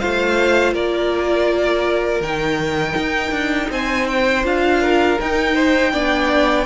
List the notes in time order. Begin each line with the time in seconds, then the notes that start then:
0.00 A3 F4 C5 F5
0.74 A#3 A#4 D5
2.21 D#3 D#4 G5
2.97 D#4
3.31 D4
3.70 C4 C5 G#5
4.07 G5
4.44 D4 F4 F5
4.82 A#4
5.20 D#4 G5
5.55 C5
5.93 B3 D4 D5